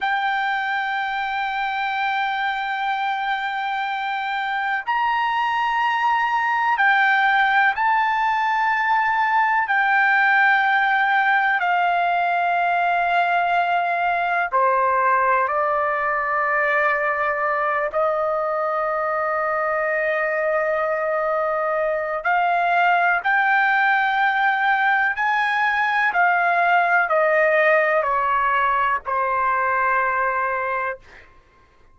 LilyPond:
\new Staff \with { instrumentName = "trumpet" } { \time 4/4 \tempo 4 = 62 g''1~ | g''4 ais''2 g''4 | a''2 g''2 | f''2. c''4 |
d''2~ d''8 dis''4.~ | dis''2. f''4 | g''2 gis''4 f''4 | dis''4 cis''4 c''2 | }